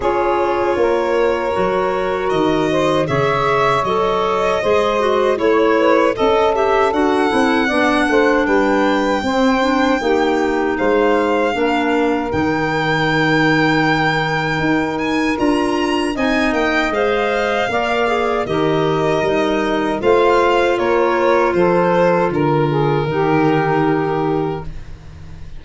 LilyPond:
<<
  \new Staff \with { instrumentName = "violin" } { \time 4/4 \tempo 4 = 78 cis''2. dis''4 | e''4 dis''2 cis''4 | dis''8 e''8 fis''2 g''4~ | g''2 f''2 |
g''2.~ g''8 gis''8 | ais''4 gis''8 g''8 f''2 | dis''2 f''4 cis''4 | c''4 ais'2. | }
  \new Staff \with { instrumentName = "saxophone" } { \time 4/4 gis'4 ais'2~ ais'8 c''8 | cis''2 c''4 cis''8 b'8 | a'2 d''8 c''8 b'4 | c''4 g'4 c''4 ais'4~ |
ais'1~ | ais'4 dis''2 d''4 | ais'2 c''4 ais'4 | a'4 ais'8 gis'8 g'2 | }
  \new Staff \with { instrumentName = "clarinet" } { \time 4/4 f'2 fis'2 | gis'4 a'4 gis'8 fis'8 e'4 | a'8 g'8 fis'8 e'8 d'2 | c'8 d'8 dis'2 d'4 |
dis'1 | f'4 dis'4 c''4 ais'8 gis'8 | g'4 dis'4 f'2~ | f'2 dis'2 | }
  \new Staff \with { instrumentName = "tuba" } { \time 4/4 cis'4 ais4 fis4 dis4 | cis4 fis4 gis4 a4 | cis'4 d'8 c'8 b8 a8 g4 | c'4 ais4 gis4 ais4 |
dis2. dis'4 | d'4 c'8 ais8 gis4 ais4 | dis4 g4 a4 ais4 | f4 d4 dis2 | }
>>